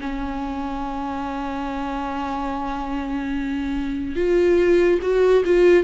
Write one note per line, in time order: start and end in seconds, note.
0.00 4.16 C#4
4.16 4.99 F4
5.02 5.44 F#4
5.45 5.84 F4